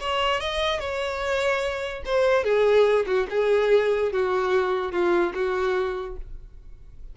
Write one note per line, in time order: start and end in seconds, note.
0.00 0.41 C#5
0.41 0.80 D#5
0.80 2.03 C#5
2.05 2.44 C5
2.44 3.06 G#4
3.06 3.27 F#4
3.30 4.12 G#4
4.12 4.92 F#4
4.92 5.33 F4
5.34 6.16 F#4